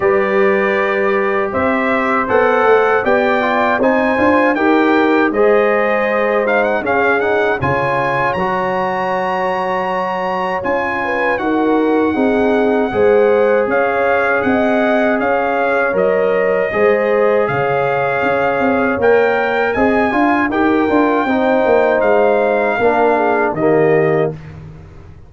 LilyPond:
<<
  \new Staff \with { instrumentName = "trumpet" } { \time 4/4 \tempo 4 = 79 d''2 e''4 fis''4 | g''4 gis''4 g''4 dis''4~ | dis''8 f''16 fis''16 f''8 fis''8 gis''4 ais''4~ | ais''2 gis''4 fis''4~ |
fis''2 f''4 fis''4 | f''4 dis''2 f''4~ | f''4 g''4 gis''4 g''4~ | g''4 f''2 dis''4 | }
  \new Staff \with { instrumentName = "horn" } { \time 4/4 b'2 c''2 | d''4 c''4 ais'4 c''4~ | c''4 gis'4 cis''2~ | cis''2~ cis''8 b'8 ais'4 |
gis'4 c''4 cis''4 dis''4 | cis''2 c''4 cis''4~ | cis''2 dis''8 f''8 ais'4 | c''2 ais'8 gis'8 g'4 | }
  \new Staff \with { instrumentName = "trombone" } { \time 4/4 g'2. a'4 | g'8 f'8 dis'8 f'8 g'4 gis'4~ | gis'8 dis'8 cis'8 dis'8 f'4 fis'4~ | fis'2 f'4 fis'4 |
dis'4 gis'2.~ | gis'4 ais'4 gis'2~ | gis'4 ais'4 gis'8 f'8 g'8 f'8 | dis'2 d'4 ais4 | }
  \new Staff \with { instrumentName = "tuba" } { \time 4/4 g2 c'4 b8 a8 | b4 c'8 d'8 dis'4 gis4~ | gis4 cis'4 cis4 fis4~ | fis2 cis'4 dis'4 |
c'4 gis4 cis'4 c'4 | cis'4 fis4 gis4 cis4 | cis'8 c'8 ais4 c'8 d'8 dis'8 d'8 | c'8 ais8 gis4 ais4 dis4 | }
>>